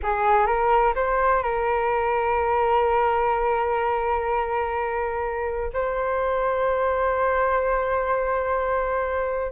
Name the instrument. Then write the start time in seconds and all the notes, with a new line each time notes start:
flute
0.02 G#4
0.46 A#4
0.95 C5
1.42 A#4
5.73 C5